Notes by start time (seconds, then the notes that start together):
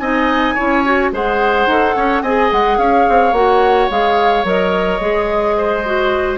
0.00 C4 D#4 D#5 G#5
0.55 E4 C#5
0.61 C#4
0.85 F#4
1.12 G#3 G#4 C5 F#5
1.67 D#4 A4
1.96 C#4 C#5
2.23 C4 G#4 D#5 G#5
2.52 G#3 F#5
2.78 C#4 C#5 F5
3.09 C4
3.33 A#3 F#4 F#5
3.91 G#3 G#4 F5
4.45 F#3 A#4 D#5
5.01 G#3 G#4
5.58 C5
5.86 F#4